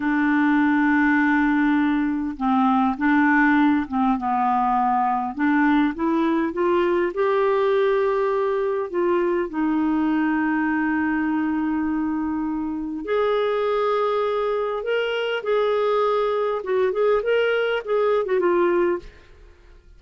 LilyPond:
\new Staff \with { instrumentName = "clarinet" } { \time 4/4 \tempo 4 = 101 d'1 | c'4 d'4. c'8 b4~ | b4 d'4 e'4 f'4 | g'2. f'4 |
dis'1~ | dis'2 gis'2~ | gis'4 ais'4 gis'2 | fis'8 gis'8 ais'4 gis'8. fis'16 f'4 | }